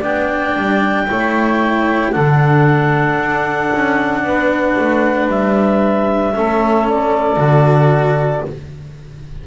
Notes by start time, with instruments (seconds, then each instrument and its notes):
0.00 double bass B3, cello D4, saxophone D5, clarinet G5
0.56 double bass G3
1.07 double bass A3, cello E4, saxophone C#5
2.11 double bass D3, cello D4, saxophone A4, clarinet F#5
3.19 double bass D4
3.73 double bass C#4
4.23 double bass B3, saxophone B4
4.79 double bass A3
5.28 double bass G3, clarinet E5
6.34 double bass A3, cello C#4, saxophone A4
6.89 clarinet D5
7.36 double bass D3, cello F#4